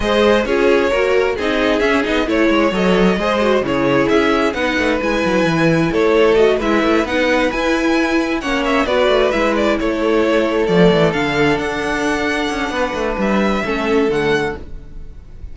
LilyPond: <<
  \new Staff \with { instrumentName = "violin" } { \time 4/4 \tempo 4 = 132 dis''4 cis''2 dis''4 | e''8 dis''8 cis''4 dis''2 | cis''4 e''4 fis''4 gis''4~ | gis''4 cis''4 dis''8 e''4 fis''8~ |
fis''8 gis''2 fis''8 e''8 d''8~ | d''8 e''8 d''8 cis''2 d''8~ | d''8 f''4 fis''2~ fis''8~ | fis''4 e''2 fis''4 | }
  \new Staff \with { instrumentName = "violin" } { \time 4/4 c''4 gis'4 ais'4 gis'4~ | gis'4 cis''2 c''4 | gis'2 b'2~ | b'4 a'4. b'4.~ |
b'2~ b'8 cis''4 b'8~ | b'4. a'2~ a'8~ | a'1 | b'2 a'2 | }
  \new Staff \with { instrumentName = "viola" } { \time 4/4 gis'4 f'4 fis'4 dis'4 | cis'8 dis'8 e'4 a'4 gis'8 fis'8 | e'2 dis'4 e'4~ | e'2 fis'8 e'4 dis'8~ |
dis'8 e'2 cis'4 fis'8~ | fis'8 e'2. a8~ | a8 d'2.~ d'8~ | d'2 cis'4 a4 | }
  \new Staff \with { instrumentName = "cello" } { \time 4/4 gis4 cis'4 ais4 c'4 | cis'8 b8 a8 gis8 fis4 gis4 | cis4 cis'4 b8 a8 gis8 fis8 | e4 a4. gis8 a8 b8~ |
b8 e'2 ais4 b8 | a8 gis4 a2 f8 | e8 d4 d'2 cis'8 | b8 a8 g4 a4 d4 | }
>>